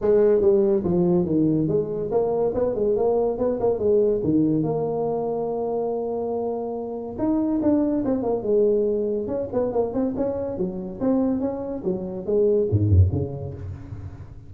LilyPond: \new Staff \with { instrumentName = "tuba" } { \time 4/4 \tempo 4 = 142 gis4 g4 f4 dis4 | gis4 ais4 b8 gis8 ais4 | b8 ais8 gis4 dis4 ais4~ | ais1~ |
ais4 dis'4 d'4 c'8 ais8 | gis2 cis'8 b8 ais8 c'8 | cis'4 fis4 c'4 cis'4 | fis4 gis4 gis,8 fis,8 cis4 | }